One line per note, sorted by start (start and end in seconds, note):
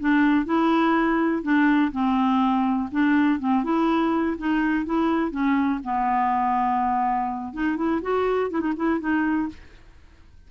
0.00 0.46 D4
0.46 1.43 E4
1.43 1.92 D4
1.92 2.90 C4
2.92 3.39 D4
3.39 3.64 C4
3.64 4.37 E4
4.38 4.86 D#4
4.86 5.31 E4
5.31 5.80 C#4
5.84 7.54 B3
7.54 7.77 D#4
7.77 8.01 E4
8.02 8.51 F#4
8.51 8.61 E4
8.61 8.73 D#4
8.76 9.00 E4
9.00 9.49 D#4